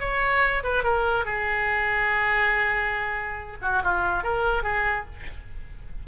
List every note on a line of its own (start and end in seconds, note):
0.00 0.63 C#5
0.64 0.84 B4
0.84 1.25 A#4
1.25 3.58 G#4
3.62 3.83 F#4
3.84 4.24 F4
4.24 4.63 A#4
4.63 5.06 G#4